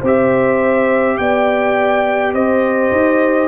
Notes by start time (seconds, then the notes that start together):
0.00 C4 G4 C5
0.06 E5
1.17 B3 D5 G5
2.33 C4 C5 D#5
2.91 D#4